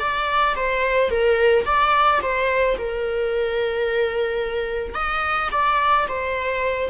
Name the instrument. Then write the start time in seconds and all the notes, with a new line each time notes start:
viola
0.00 D5
0.56 C5
1.10 A#4
1.66 D5
2.22 C5
2.78 A#4
4.94 D#5
5.52 D5
6.09 C5